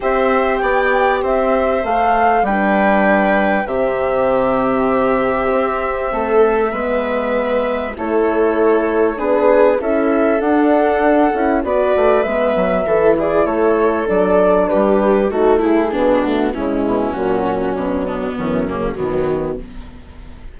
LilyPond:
<<
  \new Staff \with { instrumentName = "flute" } { \time 4/4 \tempo 4 = 98 e''4 g''4 e''4 f''4 | g''2 e''2~ | e''1~ | e''4 cis''2 b'4 |
e''4 fis''2 d''4 | e''4. d''8 cis''4 d''4 | b'4 a'8 gis'4 fis'8 e'4 | fis'4 d'4 cis'4 b4 | }
  \new Staff \with { instrumentName = "viola" } { \time 4/4 c''4 d''4 c''2 | b'2 g'2~ | g'2 a'4 b'4~ | b'4 a'2 gis'4 |
a'2. b'4~ | b'4 a'8 gis'8 a'2 | g'4 fis'8 e'8 d'4 cis'4~ | cis'4. b4 ais8 fis4 | }
  \new Staff \with { instrumentName = "horn" } { \time 4/4 g'2. a'4 | d'2 c'2~ | c'2. b4~ | b4 e'2 d'4 |
e'4 d'4. e'8 fis'4 | b4 e'2 d'4~ | d'4 dis'8 e'8 b8 a8 gis4 | fis2 e8 cis8 dis4 | }
  \new Staff \with { instrumentName = "bassoon" } { \time 4/4 c'4 b4 c'4 a4 | g2 c2~ | c4 c'4 a4 gis4~ | gis4 a2 b4 |
cis'4 d'4. cis'8 b8 a8 | gis8 fis8 e4 a4 fis4 | g4 a4 b,4 cis8 b,8 | ais,4 b,4 fis,4 b,4 | }
>>